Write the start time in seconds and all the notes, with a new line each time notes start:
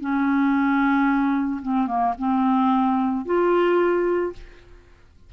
0.00 C#4
1.62 C4
1.87 A#3
2.19 C4
3.26 F4